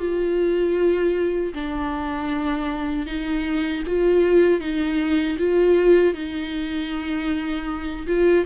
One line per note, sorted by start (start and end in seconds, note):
0.00 1.54 F4
1.54 3.07 D4
3.07 3.84 D#4
3.87 4.61 F4
4.61 5.38 D#4
5.39 6.15 F4
6.15 8.07 D#4
8.07 8.46 F4